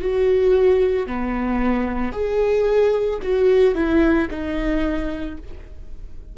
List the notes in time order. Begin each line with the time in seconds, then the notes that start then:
0.00 F#4
1.07 B3
2.12 G#4
3.22 F#4
3.75 E4
4.30 D#4